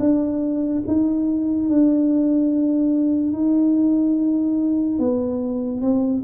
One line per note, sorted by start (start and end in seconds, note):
0.00 0.83 D4
0.87 1.69 D#4
1.69 3.33 D4
3.33 4.99 D#4
4.99 5.82 B3
5.82 6.23 C4